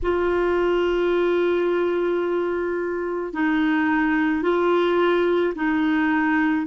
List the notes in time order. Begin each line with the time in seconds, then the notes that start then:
0.02 F4
3.33 D#4
4.42 F4
5.55 D#4